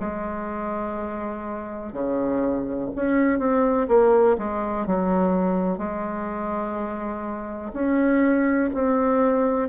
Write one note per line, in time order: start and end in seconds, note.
0.00 1.93 G#3
1.93 2.90 C#3
2.96 3.39 C#4
3.39 3.87 C4
3.88 4.36 A#3
4.38 4.87 G#3
4.87 5.78 F#3
5.78 7.72 G#3
7.73 8.70 C#4
8.74 9.69 C4